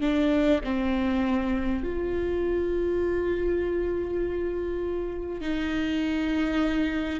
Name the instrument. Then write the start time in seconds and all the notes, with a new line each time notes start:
viola
0.00 D4
0.64 C4
1.83 F4
5.41 D#4